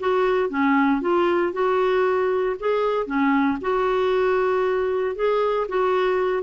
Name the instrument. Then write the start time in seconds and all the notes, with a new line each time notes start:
clarinet
0.00 F#4
0.50 C#4
1.01 F4
1.53 F#4
2.59 G#4
3.06 C#4
3.61 F#4
5.16 G#4
5.68 F#4